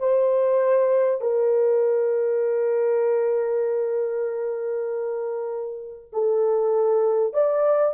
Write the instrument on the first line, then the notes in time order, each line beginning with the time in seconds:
horn
0.00 C5
1.21 A#4
6.13 A4
7.34 D5